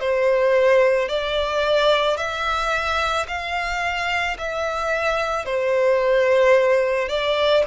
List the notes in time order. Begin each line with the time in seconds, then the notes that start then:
0.00 C5
1.09 D5
2.17 E5
3.28 F5
4.38 E5
5.45 C5
7.09 D5